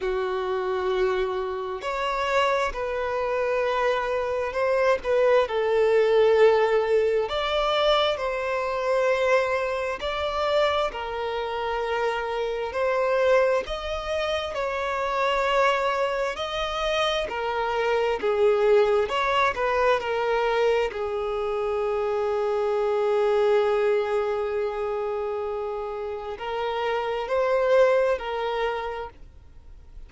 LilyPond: \new Staff \with { instrumentName = "violin" } { \time 4/4 \tempo 4 = 66 fis'2 cis''4 b'4~ | b'4 c''8 b'8 a'2 | d''4 c''2 d''4 | ais'2 c''4 dis''4 |
cis''2 dis''4 ais'4 | gis'4 cis''8 b'8 ais'4 gis'4~ | gis'1~ | gis'4 ais'4 c''4 ais'4 | }